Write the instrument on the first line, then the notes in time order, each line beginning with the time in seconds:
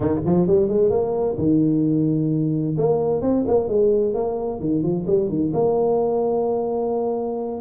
tuba
0.00 D#3
0.25 F3
0.47 G3
0.68 G#3
0.90 A#3
1.37 D#3
2.77 A#3
3.21 C4
3.47 A#3
3.68 G#3
4.13 A#3
4.59 D#3
4.82 F3
5.06 G3
5.29 D#3
5.53 A#3